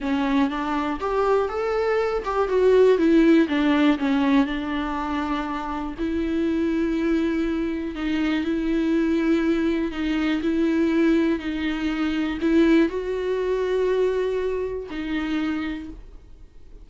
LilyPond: \new Staff \with { instrumentName = "viola" } { \time 4/4 \tempo 4 = 121 cis'4 d'4 g'4 a'4~ | a'8 g'8 fis'4 e'4 d'4 | cis'4 d'2. | e'1 |
dis'4 e'2. | dis'4 e'2 dis'4~ | dis'4 e'4 fis'2~ | fis'2 dis'2 | }